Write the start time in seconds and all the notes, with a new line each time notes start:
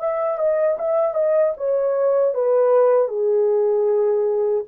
0.00 E5
0.39 D#5
0.79 E5
1.15 D#5
1.57 C#5
2.34 B4
3.09 G#4